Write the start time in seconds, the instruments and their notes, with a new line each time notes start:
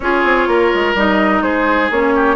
0.00 bassoon C#4, clarinet F4, oboe G#4, flute C#5
0.24 bassoon C4
0.47 bassoon A#3, oboe A#4
0.74 bassoon G#3
0.94 bassoon G3, clarinet D#4, flute D#5
1.42 bassoon G#3, oboe G#4, flute C5
1.90 bassoon A#3, clarinet C#4, flute C#5
2.15 oboe G4